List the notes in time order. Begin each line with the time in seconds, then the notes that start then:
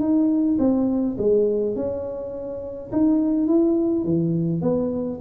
0.00 D#4
0.59 C4
1.18 G#3
1.76 C#4
2.92 D#4
3.47 E4
4.04 E3
4.62 B3